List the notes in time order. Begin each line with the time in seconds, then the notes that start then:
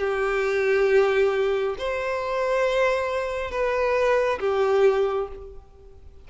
0.00 G4
1.78 C5
3.51 B4
4.40 G4